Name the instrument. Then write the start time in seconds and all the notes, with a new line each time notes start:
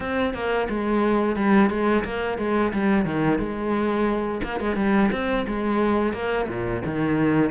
cello
0.00 C4
0.34 A#3
0.69 G#3
1.36 G3
1.70 G#3
2.04 A#3
2.38 G#3
2.73 G3
3.05 D#3
3.38 G#3
4.43 A#3
4.60 G#3
4.76 G3
5.11 C4
5.47 G#3
6.13 A#3
6.48 A#2
6.85 D#3